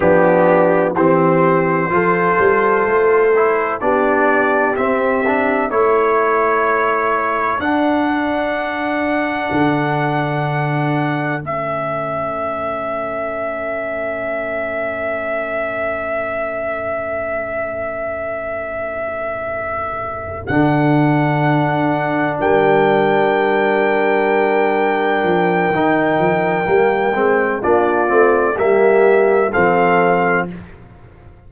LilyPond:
<<
  \new Staff \with { instrumentName = "trumpet" } { \time 4/4 \tempo 4 = 63 g'4 c''2. | d''4 e''4 cis''2 | fis''1 | e''1~ |
e''1~ | e''4. fis''2 g''8~ | g''1~ | g''4 d''4 e''4 f''4 | }
  \new Staff \with { instrumentName = "horn" } { \time 4/4 d'4 g'4 a'2 | g'2 a'2~ | a'1~ | a'1~ |
a'1~ | a'2.~ a'8 ais'8~ | ais'1~ | ais'4 f'4 g'4 a'4 | }
  \new Staff \with { instrumentName = "trombone" } { \time 4/4 b4 c'4 f'4. e'8 | d'4 c'8 d'8 e'2 | d'1 | cis'1~ |
cis'1~ | cis'4. d'2~ d'8~ | d'2. dis'4 | ais8 c'8 d'8 c'8 ais4 c'4 | }
  \new Staff \with { instrumentName = "tuba" } { \time 4/4 f4 e4 f8 g8 a4 | b4 c'4 a2 | d'2 d2 | a1~ |
a1~ | a4. d2 g8~ | g2~ g8 f8 dis8 f8 | g8 gis8 ais8 a8 g4 f4 | }
>>